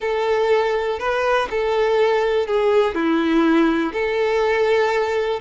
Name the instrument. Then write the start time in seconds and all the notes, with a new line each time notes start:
violin
0.00 A4
0.99 B4
1.50 A4
2.47 G#4
2.94 E4
3.92 A4